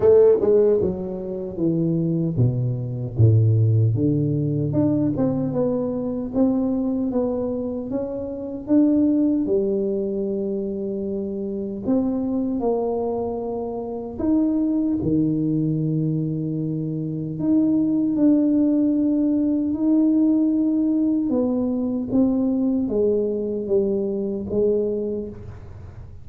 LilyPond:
\new Staff \with { instrumentName = "tuba" } { \time 4/4 \tempo 4 = 76 a8 gis8 fis4 e4 b,4 | a,4 d4 d'8 c'8 b4 | c'4 b4 cis'4 d'4 | g2. c'4 |
ais2 dis'4 dis4~ | dis2 dis'4 d'4~ | d'4 dis'2 b4 | c'4 gis4 g4 gis4 | }